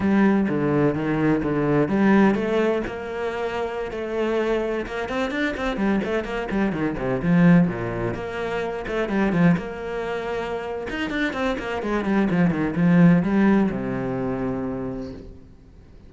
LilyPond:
\new Staff \with { instrumentName = "cello" } { \time 4/4 \tempo 4 = 127 g4 d4 dis4 d4 | g4 a4 ais2~ | ais16 a2 ais8 c'8 d'8 c'16~ | c'16 g8 a8 ais8 g8 dis8 c8 f8.~ |
f16 ais,4 ais4. a8 g8 f16~ | f16 ais2~ ais8. dis'8 d'8 | c'8 ais8 gis8 g8 f8 dis8 f4 | g4 c2. | }